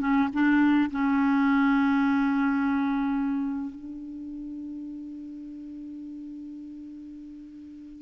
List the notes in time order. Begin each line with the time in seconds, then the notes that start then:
0.00 C#4
0.33 D4
0.91 C#4
3.75 D4